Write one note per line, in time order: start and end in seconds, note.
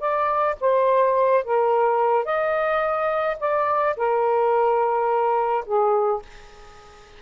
0.00 0.56 D5
0.61 1.45 C5
1.45 2.25 A#4
2.25 3.37 D#5
3.40 3.96 D5
3.97 5.65 A#4
5.66 6.22 G#4